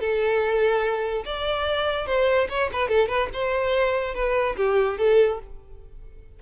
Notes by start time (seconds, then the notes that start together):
0.00 A4
1.25 D5
2.06 C5
2.49 C#5
2.73 B4
2.89 A4
3.08 B4
3.33 C5
4.15 B4
4.56 G4
4.98 A4